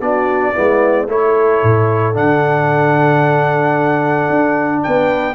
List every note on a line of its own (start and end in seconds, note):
0.00 0.54 B3
0.00 0.54 D4
0.00 0.52 F#4
0.00 1.08 D5
0.52 1.07 G#3
0.52 1.07 B3
0.52 1.06 E4
1.07 1.61 A3
1.07 2.13 E4
1.07 4.82 A4
1.07 2.16 C#5
1.62 2.16 A2
2.13 4.29 D3
2.13 5.34 D4
2.13 4.83 F#5
4.29 4.83 D4
4.83 5.34 B3
4.83 5.34 B4
4.83 5.34 G5